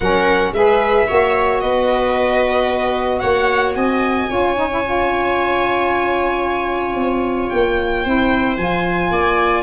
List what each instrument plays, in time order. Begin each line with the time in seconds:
0.00 tuba F#3, saxophone C#4, viola A#4, violin F#5
0.52 tuba G#3, saxophone G#4, viola B4, violin E5
1.07 tuba A#3, saxophone F#4, viola C#5
1.60 tuba B3, viola B4, violin D#5
3.19 tuba A#3, viola C#5, violin F#5
3.75 tuba C4, viola D#5, violin G#5
4.28 tuba C#4, saxophone F4, viola C#5
4.55 saxophone D#4
4.69 saxophone E4
4.83 saxophone F4
6.95 tuba C4
7.48 tuba A#3, violin G5
8.04 tuba C4, saxophone E4, viola C5
8.57 tuba F3, saxophone F4, violin G#5
9.11 tuba A#3, viola D5